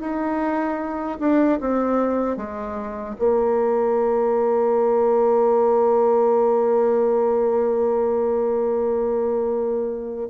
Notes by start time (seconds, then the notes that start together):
0.00 D#4
1.19 D4
1.60 C4
2.37 G#3
3.19 A#3